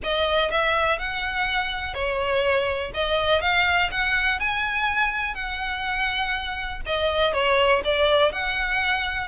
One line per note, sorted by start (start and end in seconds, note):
0.03 0.50 D#5
0.50 0.98 E5
0.98 1.94 F#5
1.94 2.91 C#5
2.94 3.41 D#5
3.41 3.90 F5
3.91 4.39 F#5
4.39 5.34 G#5
5.34 6.80 F#5
6.86 7.33 D#5
7.33 7.82 C#5
7.84 8.32 D5
8.32 9.27 F#5